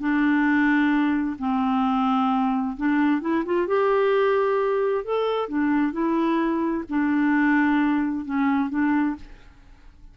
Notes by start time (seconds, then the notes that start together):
0.00 D4
1.39 C4
2.77 D4
3.21 E4
3.46 F4
3.67 G4
5.05 A4
5.49 D4
5.93 E4
6.90 D4
8.25 C#4
8.70 D4